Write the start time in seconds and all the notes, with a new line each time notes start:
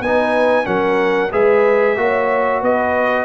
0.00 B3 D#4 B4 G#5
0.64 F#3 C#4 A#4 F#5
1.31 G#3 G#4 B4 E5
1.97 A#3 F#4 C#5
2.60 B3 B4 D#5